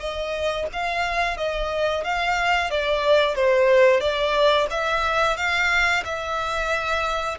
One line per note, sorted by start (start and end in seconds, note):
0.00 0.67 D#5
0.73 1.38 F5
1.38 2.04 D#5
2.04 2.71 F5
2.71 3.36 D5
3.36 4.01 C5
4.01 4.68 D5
4.71 5.37 E5
5.37 6.04 F5
6.05 7.38 E5